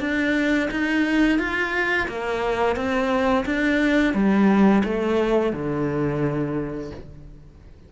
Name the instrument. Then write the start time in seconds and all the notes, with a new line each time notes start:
cello
0.00 D4
0.71 D#4
1.39 F4
2.08 A#3
2.76 C4
3.45 D4
4.14 G3
4.84 A3
5.53 D3